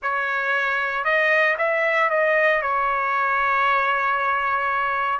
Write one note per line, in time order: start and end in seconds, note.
0.02 1.04 C#5
1.04 1.56 D#5
1.58 2.10 E5
2.10 2.62 D#5
2.62 5.19 C#5